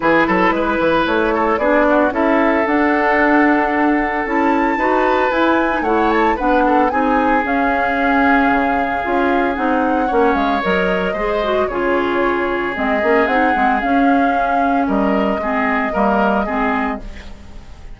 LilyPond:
<<
  \new Staff \with { instrumentName = "flute" } { \time 4/4 \tempo 4 = 113 b'2 cis''4 d''4 | e''4 fis''2. | a''2 gis''4 fis''8 a''8 | fis''4 gis''4 f''2~ |
f''2 fis''4. f''8 | dis''2 cis''2 | dis''4 fis''4 f''2 | dis''1 | }
  \new Staff \with { instrumentName = "oboe" } { \time 4/4 gis'8 a'8 b'4. a'8 gis'8 fis'8 | a'1~ | a'4 b'2 cis''4 | b'8 a'8 gis'2.~ |
gis'2. cis''4~ | cis''4 c''4 gis'2~ | gis'1 | ais'4 gis'4 ais'4 gis'4 | }
  \new Staff \with { instrumentName = "clarinet" } { \time 4/4 e'2. d'4 | e'4 d'2. | e'4 fis'4 e'8. dis'16 e'4 | d'4 dis'4 cis'2~ |
cis'4 f'4 dis'4 cis'4 | ais'4 gis'8 fis'8 f'2 | c'8 cis'8 dis'8 c'8 cis'2~ | cis'4 c'4 ais4 c'4 | }
  \new Staff \with { instrumentName = "bassoon" } { \time 4/4 e8 fis8 gis8 e8 a4 b4 | cis'4 d'2. | cis'4 dis'4 e'4 a4 | b4 c'4 cis'2 |
cis4 cis'4 c'4 ais8 gis8 | fis4 gis4 cis2 | gis8 ais8 c'8 gis8 cis'2 | g4 gis4 g4 gis4 | }
>>